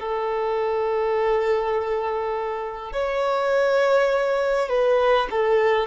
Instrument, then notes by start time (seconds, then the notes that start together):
violin
0.00 A4
2.93 C#5
4.70 B4
5.31 A4